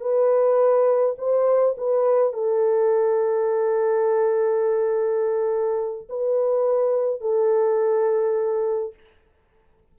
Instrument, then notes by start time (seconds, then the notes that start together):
horn
0.00 B4
1.17 C5
1.77 B4
2.33 A4
6.09 B4
7.21 A4